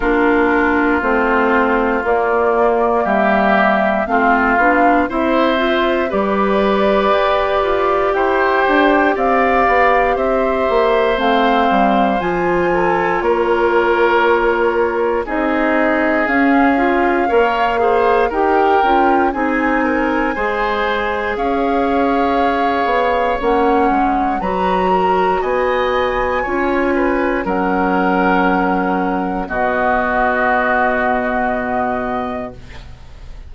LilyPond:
<<
  \new Staff \with { instrumentName = "flute" } { \time 4/4 \tempo 4 = 59 ais'4 c''4 d''4 e''4 | f''4 e''4 d''2 | g''4 f''4 e''4 f''4 | gis''4 cis''2 dis''4 |
f''2 g''4 gis''4~ | gis''4 f''2 fis''4 | ais''4 gis''2 fis''4~ | fis''4 dis''2. | }
  \new Staff \with { instrumentName = "oboe" } { \time 4/4 f'2. g'4 | f'4 c''4 b'2 | c''4 d''4 c''2~ | c''8 a'8 ais'2 gis'4~ |
gis'4 cis''8 c''8 ais'4 gis'8 ais'8 | c''4 cis''2. | b'8 ais'8 dis''4 cis''8 b'8 ais'4~ | ais'4 fis'2. | }
  \new Staff \with { instrumentName = "clarinet" } { \time 4/4 d'4 c'4 ais2 | c'8 d'8 e'8 f'8 g'2~ | g'2. c'4 | f'2. dis'4 |
cis'8 f'8 ais'8 gis'8 g'8 f'8 dis'4 | gis'2. cis'4 | fis'2 f'4 cis'4~ | cis'4 b2. | }
  \new Staff \with { instrumentName = "bassoon" } { \time 4/4 ais4 a4 ais4 g4 | a8 b8 c'4 g4 g'8 f'8 | e'8 d'8 c'8 b8 c'8 ais8 a8 g8 | f4 ais2 c'4 |
cis'4 ais4 dis'8 cis'8 c'4 | gis4 cis'4. b8 ais8 gis8 | fis4 b4 cis'4 fis4~ | fis4 b,2. | }
>>